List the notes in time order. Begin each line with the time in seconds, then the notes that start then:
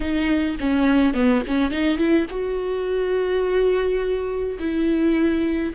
0.00 D#4
0.59 C#4
1.14 B3
1.47 C#4
1.71 D#4
1.97 E4
2.30 F#4
4.59 E4